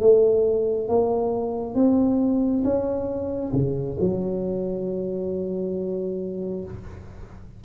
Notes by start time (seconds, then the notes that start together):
0.00 A3
0.88 A#3
1.75 C4
2.64 C#4
3.53 C#3
3.99 F#3